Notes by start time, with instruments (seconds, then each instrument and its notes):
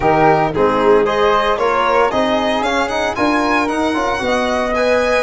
0.00 tuba D#3, trombone D#4, flute G4, violin A#4
0.54 tuba G#3, trombone C4, flute D#4, violin G#4
1.05 trombone G#4, flute C5, violin D#5
1.58 tuba A#3, trombone F4, flute A#4, violin C#5
2.10 tuba C4, trombone D#4, flute G#4, violin D#5
2.60 tuba C#4, trombone C#4, violin F5
2.88 trombone D#4, violin F#5
3.15 tuba D4, trombone F4, flute A#4, violin G#5
3.68 trombone D#4, tuba D#4, violin F#5
3.94 tuba C#4, trombone F4
4.19 tuba B3, trombone F#4, flute D#5
4.75 trombone B4, violin G#5